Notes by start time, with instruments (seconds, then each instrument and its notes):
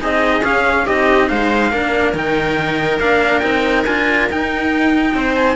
0.00 cello C4 D#4, viola G#4, trumpet D#5
0.42 cello C#4, trumpet F5
0.86 cello C4 D#4, viola G4, trumpet D#5
1.29 cello G#3, viola C5, trumpet F5
1.71 cello A#3 D4, viola A#4
2.13 cello D#3 D#4, trumpet G5
2.99 cello A#3 D4, trumpet F5
3.39 cello C4 D#4, trumpet G5
3.85 cello D4 F4, trumpet G#5
4.30 cello D#4, trumpet G5
5.14 cello C4, viola C5
5.36 trumpet G#5